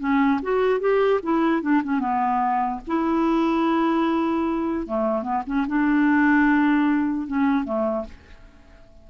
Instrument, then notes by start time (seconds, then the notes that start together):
clarinet
0.00 C#4
0.43 F#4
0.80 G4
1.23 E4
1.62 D4
1.84 C#4
2.00 B3
2.88 E4
4.87 A3
5.23 B3
5.47 C#4
5.68 D4
7.28 C#4
7.65 A3